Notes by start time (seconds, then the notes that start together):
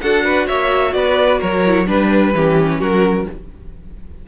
0.00 D4 F#4 A4 F#5
0.25 B4
0.46 A#3 C#5 E5
0.93 B3 B4 D5
1.39 F#3 A#4 C#5
1.66 E4
1.86 G3 D4 B4
2.33 E3 C#4 G4
2.79 F#3 F#4 A#4